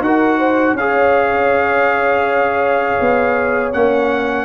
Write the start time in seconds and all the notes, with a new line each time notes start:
0.00 D#4 F#4 A#4 F#5
0.38 C5
0.72 C#4 C#5 F5
0.79 G#4
3.00 B3
3.73 A#3 C#4 F#5